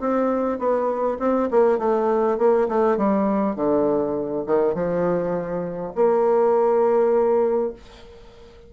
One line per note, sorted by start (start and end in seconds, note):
0.00 0.59 C4
0.59 1.18 B3
1.19 1.49 C4
1.51 1.78 A#3
1.78 2.38 A3
2.38 2.68 A#3
2.68 2.97 A3
2.97 3.56 G3
3.56 4.45 D3
4.47 4.74 D#3
4.74 5.93 F3
5.95 7.73 A#3